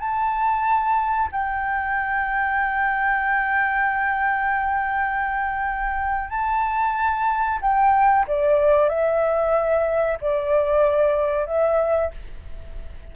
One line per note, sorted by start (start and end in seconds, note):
0.00 1.29 A5
1.32 6.30 G5
6.30 7.59 A5
7.62 8.26 G5
8.28 8.89 D5
8.89 10.18 E5
10.21 11.47 D5
11.47 12.11 E5